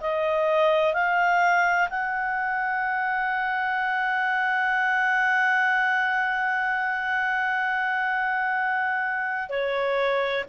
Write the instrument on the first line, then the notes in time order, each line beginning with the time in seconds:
clarinet
0.00 D#5
0.93 F5
1.89 F#5
9.49 C#5